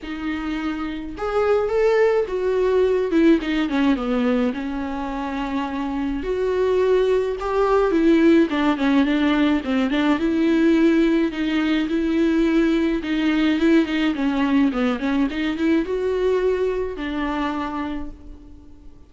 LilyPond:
\new Staff \with { instrumentName = "viola" } { \time 4/4 \tempo 4 = 106 dis'2 gis'4 a'4 | fis'4. e'8 dis'8 cis'8 b4 | cis'2. fis'4~ | fis'4 g'4 e'4 d'8 cis'8 |
d'4 c'8 d'8 e'2 | dis'4 e'2 dis'4 | e'8 dis'8 cis'4 b8 cis'8 dis'8 e'8 | fis'2 d'2 | }